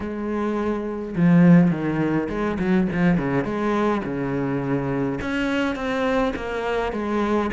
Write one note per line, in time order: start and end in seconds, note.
0.00 1.15 G#3
1.15 1.70 F3
1.70 2.28 D#3
2.29 2.58 G#3
2.59 2.88 F#3
2.92 3.17 F3
3.17 3.44 C#3
3.44 4.02 G#3
4.04 5.19 C#3
5.21 5.75 C#4
5.75 6.33 C4
6.36 6.92 A#3
6.92 7.50 G#3